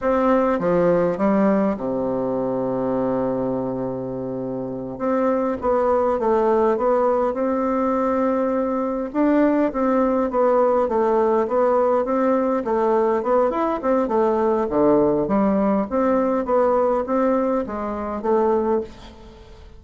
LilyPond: \new Staff \with { instrumentName = "bassoon" } { \time 4/4 \tempo 4 = 102 c'4 f4 g4 c4~ | c1~ | c8 c'4 b4 a4 b8~ | b8 c'2. d'8~ |
d'8 c'4 b4 a4 b8~ | b8 c'4 a4 b8 e'8 c'8 | a4 d4 g4 c'4 | b4 c'4 gis4 a4 | }